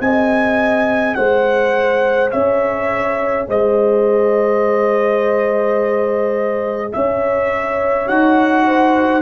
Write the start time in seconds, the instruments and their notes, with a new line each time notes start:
0.00 tuba C4, trombone G#4, horn D#5, trumpet G#5
1.15 tuba G#3, horn C5, trumpet F#5
2.31 tuba C#4, horn C#5, trumpet E5
3.48 tuba G#3, horn C5, trumpet D#5
6.93 tuba C#4, horn C#5, trumpet E5
8.07 tuba D#4, trombone F#4, trumpet F#5
8.66 horn C5